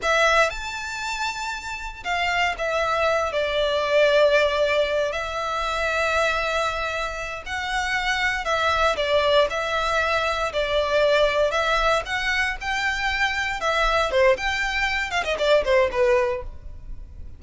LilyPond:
\new Staff \with { instrumentName = "violin" } { \time 4/4 \tempo 4 = 117 e''4 a''2. | f''4 e''4. d''4.~ | d''2 e''2~ | e''2~ e''8 fis''4.~ |
fis''8 e''4 d''4 e''4.~ | e''8 d''2 e''4 fis''8~ | fis''8 g''2 e''4 c''8 | g''4. f''16 dis''16 d''8 c''8 b'4 | }